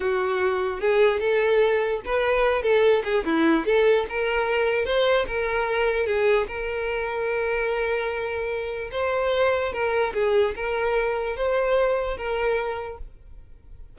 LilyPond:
\new Staff \with { instrumentName = "violin" } { \time 4/4 \tempo 4 = 148 fis'2 gis'4 a'4~ | a'4 b'4. a'4 gis'8 | e'4 a'4 ais'2 | c''4 ais'2 gis'4 |
ais'1~ | ais'2 c''2 | ais'4 gis'4 ais'2 | c''2 ais'2 | }